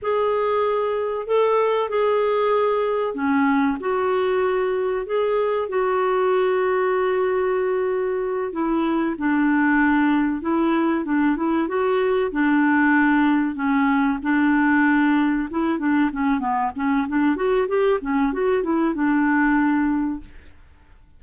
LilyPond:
\new Staff \with { instrumentName = "clarinet" } { \time 4/4 \tempo 4 = 95 gis'2 a'4 gis'4~ | gis'4 cis'4 fis'2 | gis'4 fis'2.~ | fis'4. e'4 d'4.~ |
d'8 e'4 d'8 e'8 fis'4 d'8~ | d'4. cis'4 d'4.~ | d'8 e'8 d'8 cis'8 b8 cis'8 d'8 fis'8 | g'8 cis'8 fis'8 e'8 d'2 | }